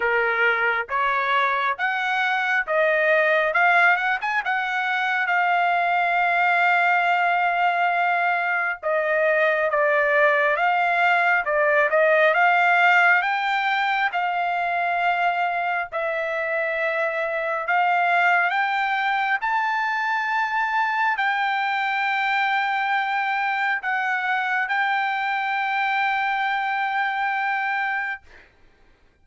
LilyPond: \new Staff \with { instrumentName = "trumpet" } { \time 4/4 \tempo 4 = 68 ais'4 cis''4 fis''4 dis''4 | f''8 fis''16 gis''16 fis''4 f''2~ | f''2 dis''4 d''4 | f''4 d''8 dis''8 f''4 g''4 |
f''2 e''2 | f''4 g''4 a''2 | g''2. fis''4 | g''1 | }